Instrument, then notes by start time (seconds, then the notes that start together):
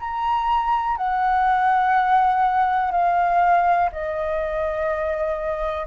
flute
0.00 A#5
0.97 F#5
2.92 F5
3.93 D#5